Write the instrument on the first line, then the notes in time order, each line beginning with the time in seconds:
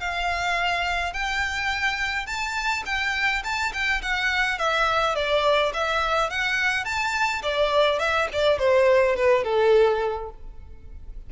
violin
0.00 F5
1.14 G5
2.26 A5
2.86 G5
3.44 A5
3.73 G5
4.02 F#5
4.58 E5
5.15 D5
5.74 E5
6.30 F#5
6.85 A5
7.43 D5
7.99 E5
8.33 D5
8.59 C5
9.16 B4
9.44 A4